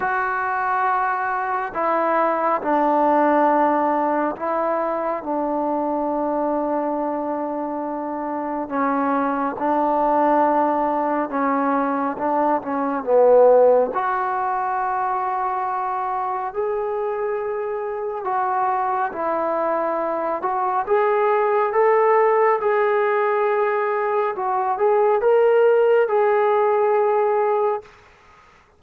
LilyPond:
\new Staff \with { instrumentName = "trombone" } { \time 4/4 \tempo 4 = 69 fis'2 e'4 d'4~ | d'4 e'4 d'2~ | d'2 cis'4 d'4~ | d'4 cis'4 d'8 cis'8 b4 |
fis'2. gis'4~ | gis'4 fis'4 e'4. fis'8 | gis'4 a'4 gis'2 | fis'8 gis'8 ais'4 gis'2 | }